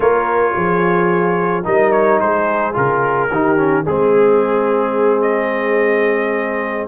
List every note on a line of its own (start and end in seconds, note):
0.00 0.55 A#3
0.00 1.63 F4
0.00 0.52 A#4
0.00 1.64 C#5
0.55 1.66 F3
0.55 1.64 G#4
1.63 2.20 G3
1.63 2.73 D#4
1.63 2.19 A#4
1.63 1.91 D#5
1.91 2.19 C#5
2.20 2.75 G#3
2.20 3.30 G#4
2.20 2.75 C5
2.73 3.30 C#3
2.73 3.28 F4
2.73 3.86 A#4
3.30 3.85 D#3
3.30 3.57 D#4
3.30 3.84 G4
3.57 3.84 C#4
3.84 6.87 G#3
3.84 6.87 C4
3.84 6.87 G#4
3.84 5.21 G#4
5.21 6.86 D#5